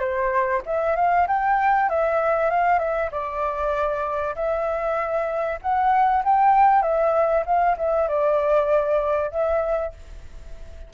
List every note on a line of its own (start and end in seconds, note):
0.00 0.62 C5
0.66 0.96 E5
0.96 1.27 F5
1.28 1.89 G5
1.89 2.50 E5
2.50 2.79 F5
2.79 3.10 E5
3.12 4.35 D5
4.35 5.59 E5
5.62 6.24 F#5
6.24 6.82 G5
6.82 7.44 E5
7.46 7.77 F5
7.77 8.08 E5
8.08 9.31 D5
9.31 9.93 E5